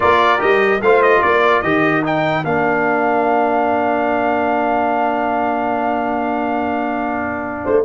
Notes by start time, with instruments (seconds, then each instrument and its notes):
0.00 tuba A#3, trombone F4, horn A#4, trumpet D5
0.39 tuba G3, trombone G4, trumpet D#5
0.81 tuba A3, trombone F4, horn C5, trumpet F5
1.02 trumpet D#5
1.22 tuba A#3, horn A#4, trumpet D5
1.62 tuba D#3, trombone G4, trumpet D#5
2.03 trombone D#4, trumpet G5
2.44 tuba A#3, trombone D4, trumpet F5
7.63 tuba A3, horn C5